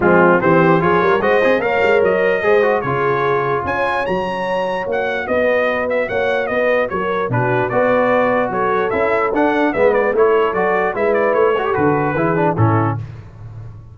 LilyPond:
<<
  \new Staff \with { instrumentName = "trumpet" } { \time 4/4 \tempo 4 = 148 f'4 c''4 cis''4 dis''4 | f''4 dis''2 cis''4~ | cis''4 gis''4 ais''2 | fis''4 dis''4. e''8 fis''4 |
dis''4 cis''4 b'4 d''4~ | d''4 cis''4 e''4 fis''4 | e''8 d''8 cis''4 d''4 e''8 d''8 | cis''4 b'2 a'4 | }
  \new Staff \with { instrumentName = "horn" } { \time 4/4 c'4 g'4 gis'8 ais'8 c''4 | cis''2 c''4 gis'4~ | gis'4 cis''2.~ | cis''4 b'2 cis''4 |
b'4 ais'4 fis'4 b'4~ | b'4 a'2. | b'4 a'2 b'4~ | b'8 a'4. gis'4 e'4 | }
  \new Staff \with { instrumentName = "trombone" } { \time 4/4 gis4 c'4 f'4 fis'8 gis'8 | ais'2 gis'8 fis'8 f'4~ | f'2 fis'2~ | fis'1~ |
fis'2 d'4 fis'4~ | fis'2 e'4 d'4 | b4 e'4 fis'4 e'4~ | e'8 fis'16 g'16 fis'4 e'8 d'8 cis'4 | }
  \new Staff \with { instrumentName = "tuba" } { \time 4/4 f4 e4 f8 g8 gis8 c'8 | ais8 gis8 fis4 gis4 cis4~ | cis4 cis'4 fis2 | ais4 b2 ais4 |
b4 fis4 b,4 b4~ | b4 fis4 cis'4 d'4 | gis4 a4 fis4 gis4 | a4 d4 e4 a,4 | }
>>